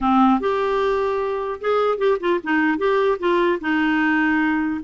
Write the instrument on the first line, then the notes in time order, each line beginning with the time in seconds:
clarinet
0.01 C4
0.40 G4
1.60 G#4
1.98 G4
2.19 F4
2.43 D#4
2.78 G4
3.19 F4
3.61 D#4